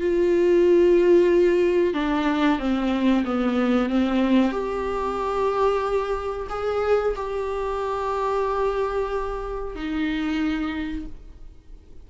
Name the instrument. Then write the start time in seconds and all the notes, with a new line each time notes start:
viola
0.00 F4
1.94 D4
2.59 C4
3.25 B3
3.90 C4
4.52 G4
6.49 G#4
7.16 G4
9.76 D#4